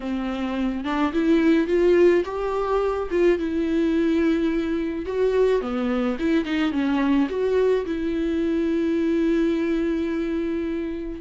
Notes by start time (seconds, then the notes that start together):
0.00 C4
0.84 D4
1.12 E4
1.67 F4
2.24 G4
3.10 F4
3.38 E4
5.05 F#4
5.61 B3
6.19 E4
6.44 D#4
6.72 C#4
7.29 F#4
7.85 E4